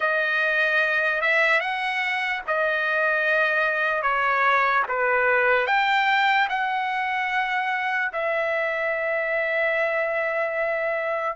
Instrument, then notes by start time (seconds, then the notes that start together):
trumpet
0.00 D#5
1.21 E5
1.60 F#5
2.47 D#5
4.02 C#5
4.88 B4
5.66 G5
6.49 F#5
8.13 E5